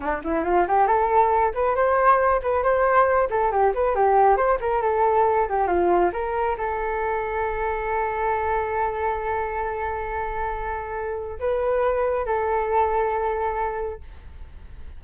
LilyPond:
\new Staff \with { instrumentName = "flute" } { \time 4/4 \tempo 4 = 137 d'8 e'8 f'8 g'8 a'4. b'8 | c''4. b'8 c''4. a'8 | g'8 b'8 g'4 c''8 ais'8 a'4~ | a'8 g'8 f'4 ais'4 a'4~ |
a'1~ | a'1~ | a'2 b'2 | a'1 | }